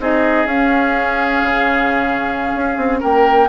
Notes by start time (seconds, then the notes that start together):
0.00 C4 D#4 G#4 D#5
0.46 C#4 F5
1.44 C#3
2.55 C#4
2.77 C4
3.00 A#3 A#4 G5